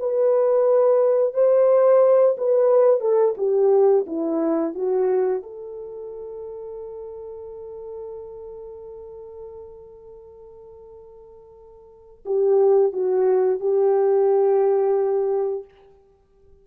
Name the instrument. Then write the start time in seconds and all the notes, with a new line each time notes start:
horn
0.00 B4
1.34 C5
2.38 B4
3.01 A4
3.38 G4
4.07 E4
4.75 F#4
5.43 A4
12.26 G4
12.93 F#4
13.61 G4